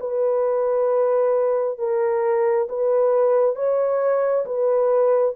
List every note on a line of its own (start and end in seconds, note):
0.00 1.78 B4
1.78 2.68 A#4
2.69 3.56 B4
3.56 4.45 C#5
4.45 5.35 B4